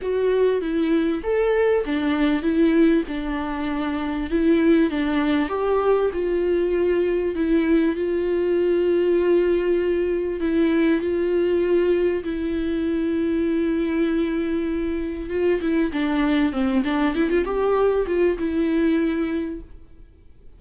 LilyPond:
\new Staff \with { instrumentName = "viola" } { \time 4/4 \tempo 4 = 98 fis'4 e'4 a'4 d'4 | e'4 d'2 e'4 | d'4 g'4 f'2 | e'4 f'2.~ |
f'4 e'4 f'2 | e'1~ | e'4 f'8 e'8 d'4 c'8 d'8 | e'16 f'16 g'4 f'8 e'2 | }